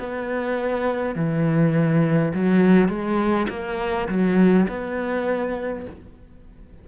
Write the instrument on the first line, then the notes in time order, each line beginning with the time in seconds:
cello
0.00 B3
1.16 E3
2.34 F#3
2.89 G#3
3.50 A#3
4.09 F#3
4.69 B3